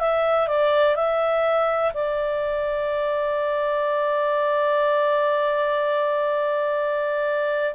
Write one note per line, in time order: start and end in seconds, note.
0.00 0.48 E5
0.48 0.95 D5
0.95 1.92 E5
1.94 7.75 D5